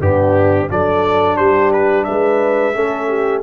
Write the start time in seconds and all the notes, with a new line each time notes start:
0.00 G2 B3 D4 G4
0.68 F#3 D4 A4 D5
1.37 G3 G4 C5
1.73 B4
2.04 B4 E5
2.10 G#3
2.74 A3 C#4 A4
3.08 G4